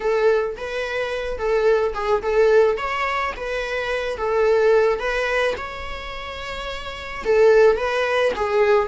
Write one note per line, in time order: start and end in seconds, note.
0.00 0.56 A4
0.56 1.38 B4
1.38 1.93 A4
1.94 2.21 G#4
2.22 2.77 A4
2.77 3.32 C#5
3.36 4.17 B4
4.17 4.98 A4
4.98 5.54 B4
5.57 7.23 C#5
7.24 7.76 A4
7.76 8.32 B4
8.35 8.87 G#4